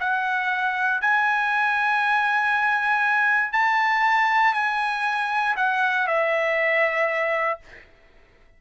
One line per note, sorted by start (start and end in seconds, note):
0.00 1.01 F#5
1.01 3.52 G#5
3.52 4.53 A5
4.53 5.55 G#5
5.56 6.07 F#5
6.07 7.59 E5